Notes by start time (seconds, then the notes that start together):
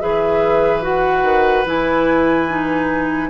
0.00 E3 G#4 B4 E5
0.82 F#4 F#5
1.23 D#3
1.65 E3 E4 G#5
2.49 D#4